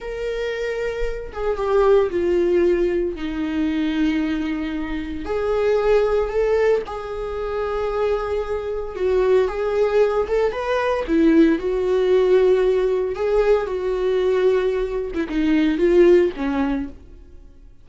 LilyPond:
\new Staff \with { instrumentName = "viola" } { \time 4/4 \tempo 4 = 114 ais'2~ ais'8 gis'8 g'4 | f'2 dis'2~ | dis'2 gis'2 | a'4 gis'2.~ |
gis'4 fis'4 gis'4. a'8 | b'4 e'4 fis'2~ | fis'4 gis'4 fis'2~ | fis'8. e'16 dis'4 f'4 cis'4 | }